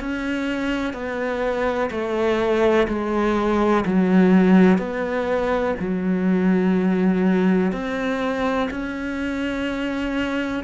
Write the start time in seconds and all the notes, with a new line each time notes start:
0.00 C#4
0.93 B3
1.90 A3
2.88 G#3
3.85 F#3
4.78 B3
5.79 F#3
7.72 C4
8.70 C#4